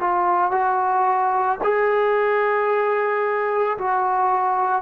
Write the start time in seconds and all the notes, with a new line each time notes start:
0.00 F4
0.51 F#4
1.63 G#4
3.77 F#4